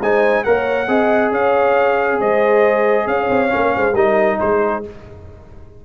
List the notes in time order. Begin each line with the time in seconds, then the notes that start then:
0.00 G#3 D#4 C5 G#5
0.44 A#3 A#4 C#5 F#5
0.87 C4 G#4 D#5
1.31 C#4 C#5 F5
2.19 G#3 C5 D#5
3.06 C#4 C#5 F5
3.29 C4
3.49 A#3 C#4
3.76 G#3 C5
3.93 G3 D#4 A#4 D#5
4.40 G#3 G#4 C5